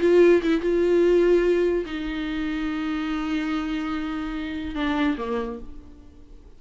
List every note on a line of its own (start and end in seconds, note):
0.00 0.41 F4
0.42 0.61 E4
0.61 1.85 F4
1.86 4.75 D#4
4.75 5.16 D4
5.18 5.59 A#3